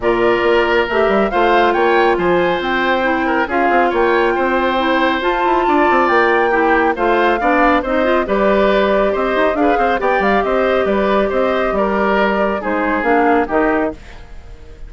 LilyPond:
<<
  \new Staff \with { instrumentName = "flute" } { \time 4/4 \tempo 4 = 138 d''2 e''4 f''4 | g''4 gis''4 g''2 | f''4 g''2. | a''2 g''2 |
f''2 dis''4 d''4~ | d''4 dis''4 f''4 g''8 f''8 | dis''4 d''4 dis''4 d''4~ | d''4 c''4 f''4 dis''4 | }
  \new Staff \with { instrumentName = "oboe" } { \time 4/4 ais'2. c''4 | cis''4 c''2~ c''8 ais'8 | gis'4 cis''4 c''2~ | c''4 d''2 g'4 |
c''4 d''4 c''4 b'4~ | b'4 c''4 b'8 c''8 d''4 | c''4 b'4 c''4 ais'4~ | ais'4 gis'2 g'4 | }
  \new Staff \with { instrumentName = "clarinet" } { \time 4/4 f'2 g'4 f'4~ | f'2. e'4 | f'2. e'4 | f'2. e'4 |
f'4 d'4 dis'8 f'8 g'4~ | g'2 gis'4 g'4~ | g'1~ | g'4 dis'4 d'4 dis'4 | }
  \new Staff \with { instrumentName = "bassoon" } { \time 4/4 ais,4 ais4 a8 g8 a4 | ais4 f4 c'2 | cis'8 c'8 ais4 c'2 | f'8 e'8 d'8 c'8 ais2 |
a4 b4 c'4 g4~ | g4 c'8 dis'8 d'8 c'8 b8 g8 | c'4 g4 c'4 g4~ | g4 gis4 ais4 dis4 | }
>>